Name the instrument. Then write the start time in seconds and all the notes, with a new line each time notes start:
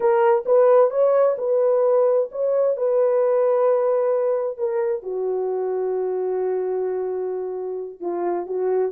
horn
0.00 A#4
0.45 B4
0.90 C#5
1.38 B4
2.31 C#5
2.76 B4
4.57 A#4
5.03 F#4
8.00 F4
8.46 F#4